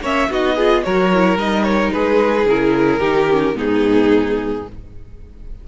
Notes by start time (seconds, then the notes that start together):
0.00 A#3 C#4 C#5 E5
0.29 B3 D#4 F#4 D#5
0.55 F4 G#4
0.84 F#3 F#4 A#4 C#5
1.13 E4
1.36 G3 D#4 D#5
1.63 C#5
1.92 G#3 G#4 B4
2.45 C#3 E4 A#4
2.99 D#3 D#4 G4
3.31 C#4
3.54 G#2 B3 D#4 G#4